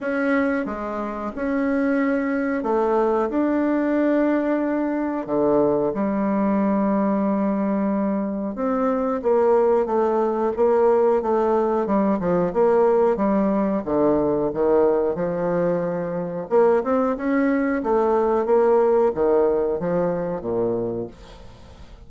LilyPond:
\new Staff \with { instrumentName = "bassoon" } { \time 4/4 \tempo 4 = 91 cis'4 gis4 cis'2 | a4 d'2. | d4 g2.~ | g4 c'4 ais4 a4 |
ais4 a4 g8 f8 ais4 | g4 d4 dis4 f4~ | f4 ais8 c'8 cis'4 a4 | ais4 dis4 f4 ais,4 | }